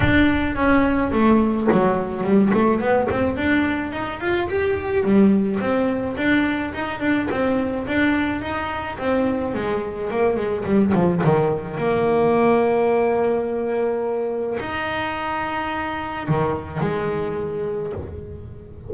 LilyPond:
\new Staff \with { instrumentName = "double bass" } { \time 4/4 \tempo 4 = 107 d'4 cis'4 a4 fis4 | g8 a8 b8 c'8 d'4 dis'8 f'8 | g'4 g4 c'4 d'4 | dis'8 d'8 c'4 d'4 dis'4 |
c'4 gis4 ais8 gis8 g8 f8 | dis4 ais2.~ | ais2 dis'2~ | dis'4 dis4 gis2 | }